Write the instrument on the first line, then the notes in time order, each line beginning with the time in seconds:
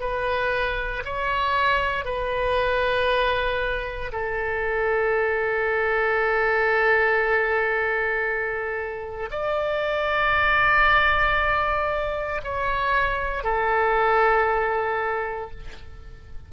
oboe
0.00 B4
1.05 C#5
2.05 B4
4.12 A4
9.31 D5
12.43 C#5
13.44 A4